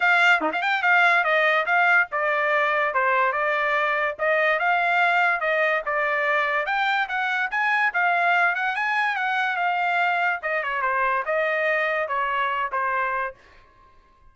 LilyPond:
\new Staff \with { instrumentName = "trumpet" } { \time 4/4 \tempo 4 = 144 f''4 dis'16 f''16 g''8 f''4 dis''4 | f''4 d''2 c''4 | d''2 dis''4 f''4~ | f''4 dis''4 d''2 |
g''4 fis''4 gis''4 f''4~ | f''8 fis''8 gis''4 fis''4 f''4~ | f''4 dis''8 cis''8 c''4 dis''4~ | dis''4 cis''4. c''4. | }